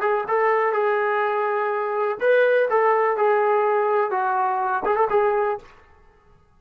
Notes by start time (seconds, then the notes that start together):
0.00 G#4
0.27 A4
0.73 G#4
2.20 B4
2.69 A4
3.16 G#4
4.10 F#4
4.85 G#4
4.96 A4
5.10 G#4